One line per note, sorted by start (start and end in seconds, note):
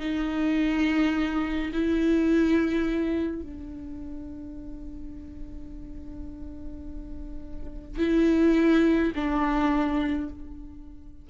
0.00 1.71 D#4
1.73 3.42 E4
3.42 7.98 D4
7.98 9.12 E4
9.15 10.29 D4